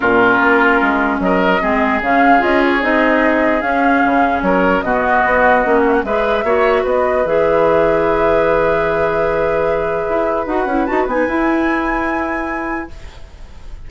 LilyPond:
<<
  \new Staff \with { instrumentName = "flute" } { \time 4/4 \tempo 4 = 149 ais'2. dis''4~ | dis''4 f''4 dis''8 cis''8 dis''4~ | dis''4 f''2 cis''4 | dis''2~ dis''8 e''16 fis''16 e''4~ |
e''4 dis''4 e''2~ | e''1~ | e''2 fis''4 a''8 gis''8~ | gis''1 | }
  \new Staff \with { instrumentName = "oboe" } { \time 4/4 f'2. ais'4 | gis'1~ | gis'2. ais'4 | fis'2. b'4 |
cis''4 b'2.~ | b'1~ | b'1~ | b'1 | }
  \new Staff \with { instrumentName = "clarinet" } { \time 4/4 cis'1 | c'4 cis'4 f'4 dis'4~ | dis'4 cis'2. | b2 cis'4 gis'4 |
fis'2 gis'2~ | gis'1~ | gis'2 fis'8 e'8 fis'8 dis'8 | e'1 | }
  \new Staff \with { instrumentName = "bassoon" } { \time 4/4 ais,4 ais4 gis4 fis4 | gis4 cis4 cis'4 c'4~ | c'4 cis'4 cis4 fis4 | b,4 b4 ais4 gis4 |
ais4 b4 e2~ | e1~ | e4 e'4 dis'8 cis'8 dis'8 b8 | e'1 | }
>>